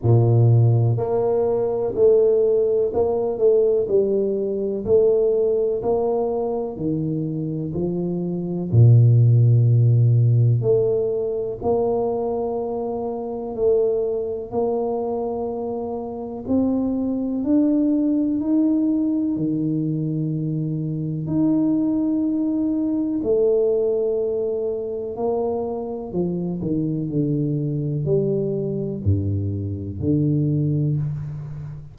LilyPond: \new Staff \with { instrumentName = "tuba" } { \time 4/4 \tempo 4 = 62 ais,4 ais4 a4 ais8 a8 | g4 a4 ais4 dis4 | f4 ais,2 a4 | ais2 a4 ais4~ |
ais4 c'4 d'4 dis'4 | dis2 dis'2 | a2 ais4 f8 dis8 | d4 g4 g,4 d4 | }